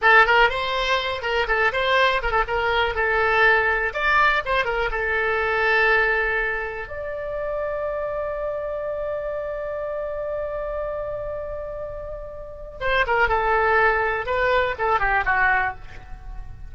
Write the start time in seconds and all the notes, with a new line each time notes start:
0.01 A4
0.26 A#4
0.49 C5
1.22 A#4
1.47 A4
1.72 C5
2.22 A#4
2.31 A4
2.47 A#4
2.95 A4
3.93 D5
4.45 C5
4.65 A#4
4.91 A4
6.88 D5
12.80 C5
13.06 A#4
13.28 A4
14.26 B4
14.78 A4
14.99 G4
15.25 F#4